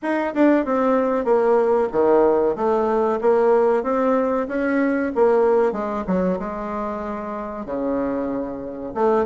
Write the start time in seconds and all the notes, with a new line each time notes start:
0.02 D#4
0.34 D4
0.65 C4
1.24 A#3
1.91 D#3
2.55 A3
3.21 A#3
3.83 C4
4.48 C#4
5.15 A#3
5.72 G#3
6.07 F#3
6.39 G#3
7.65 C#3
8.94 A3